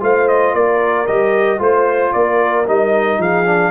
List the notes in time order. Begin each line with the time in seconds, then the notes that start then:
0.00 A3 F4 C5 F5
0.28 D#5
0.54 A#3 A#4 D5
1.07 G3 G4 D#5
1.58 A3 F4 C5
2.13 A#3 A#4 D5
2.67 G3 D#4 D#5
3.18 F3 G#4 F5
3.46 D4